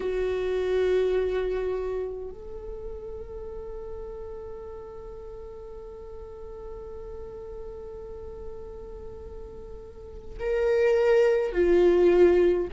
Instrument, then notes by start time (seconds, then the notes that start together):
viola
0.00 F#4
2.30 A4
10.39 A#4
11.52 F4